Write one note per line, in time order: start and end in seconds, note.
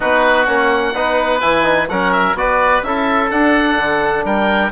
0.00 0.47 B3
0.00 0.46 D#4
0.00 0.94 F#4
0.00 0.45 B4
0.45 0.94 A#3
0.45 0.93 C#4
0.45 1.39 F#5
0.94 1.42 B3
0.94 1.41 D#4
0.94 1.88 B4
1.40 1.90 E3
1.40 1.63 E4
1.40 1.87 G#5
1.63 1.87 D#4
1.89 2.34 F#3
1.89 2.36 C#4
1.89 2.37 A#4
1.89 2.12 F#5
2.12 2.36 E5
2.34 2.81 B3
2.34 2.83 F#4
2.34 2.86 B4
2.34 2.82 D5
2.82 3.30 C#4
2.82 3.30 E4
2.82 4.25 A4
2.82 3.30 E5
3.30 4.71 D4
3.30 3.77 D4
3.30 4.25 F#5
3.77 4.24 D3
4.24 4.71 G3
4.24 4.71 A#4
4.24 4.71 G5